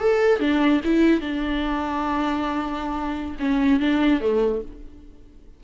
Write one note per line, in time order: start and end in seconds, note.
0.00 0.40 A4
0.40 0.81 D4
0.85 1.21 E4
1.21 3.37 D4
3.40 3.80 C#4
3.80 4.21 D4
4.21 4.62 A3